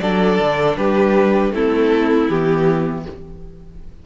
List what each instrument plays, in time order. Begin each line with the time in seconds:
0.00 cello F#3, viola D4, violin A4 D5
0.39 cello D3
0.76 cello G3, violin G4 B4
1.51 cello A3, viola C4, violin E4 A4
2.29 cello E3, viola B3, violin G4